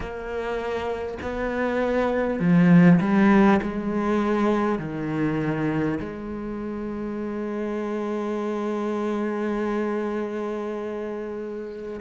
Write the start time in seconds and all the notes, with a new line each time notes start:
0.00 A#3
1.22 B3
2.39 F3
3.00 G3
3.62 G#3
4.78 D#3
5.99 G#3